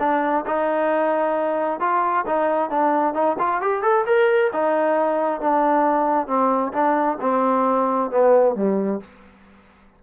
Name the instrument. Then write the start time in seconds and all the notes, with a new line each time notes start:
trombone
0.00 D4
0.46 D#4
1.80 F4
2.27 D#4
2.70 D4
3.14 D#4
3.39 F4
3.62 G4
3.82 A4
4.06 A#4
4.53 D#4
5.41 D4
6.27 C4
6.73 D4
7.21 C4
8.11 B3
8.55 G3